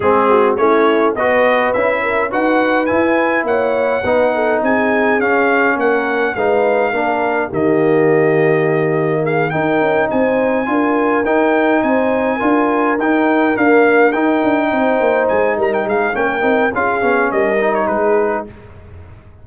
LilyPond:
<<
  \new Staff \with { instrumentName = "trumpet" } { \time 4/4 \tempo 4 = 104 gis'4 cis''4 dis''4 e''4 | fis''4 gis''4 fis''2 | gis''4 f''4 fis''4 f''4~ | f''4 dis''2. |
f''8 g''4 gis''2 g''8~ | g''8 gis''2 g''4 f''8~ | f''8 g''2 gis''8 ais''16 g''16 f''8 | g''4 f''4 dis''8. cis''16 b'4 | }
  \new Staff \with { instrumentName = "horn" } { \time 4/4 gis'8 fis'8 e'4 b'4. ais'8 | b'2 cis''4 b'8 a'8 | gis'2 ais'4 b'4 | ais'4 g'2. |
gis'8 ais'4 c''4 ais'4.~ | ais'8 c''4 ais'2~ ais'8~ | ais'4. c''4. ais'8 gis'8 | ais'4 gis'4 ais'4 gis'4 | }
  \new Staff \with { instrumentName = "trombone" } { \time 4/4 c'4 cis'4 fis'4 e'4 | fis'4 e'2 dis'4~ | dis'4 cis'2 dis'4 | d'4 ais2.~ |
ais8 dis'2 f'4 dis'8~ | dis'4. f'4 dis'4 ais8~ | ais8 dis'2.~ dis'8 | cis'8 dis'8 f'8 cis'4 dis'4. | }
  \new Staff \with { instrumentName = "tuba" } { \time 4/4 gis4 a4 b4 cis'4 | dis'4 e'4 ais4 b4 | c'4 cis'4 ais4 gis4 | ais4 dis2.~ |
dis8 dis'8 cis'8 c'4 d'4 dis'8~ | dis'8 c'4 d'4 dis'4 d'8~ | d'8 dis'8 d'8 c'8 ais8 gis8 g8 gis8 | ais8 c'8 cis'8 b8 g4 gis4 | }
>>